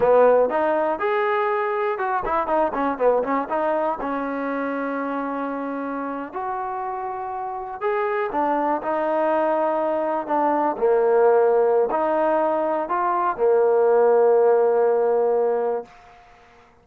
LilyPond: \new Staff \with { instrumentName = "trombone" } { \time 4/4 \tempo 4 = 121 b4 dis'4 gis'2 | fis'8 e'8 dis'8 cis'8 b8 cis'8 dis'4 | cis'1~ | cis'8. fis'2. gis'16~ |
gis'8. d'4 dis'2~ dis'16~ | dis'8. d'4 ais2~ ais16 | dis'2 f'4 ais4~ | ais1 | }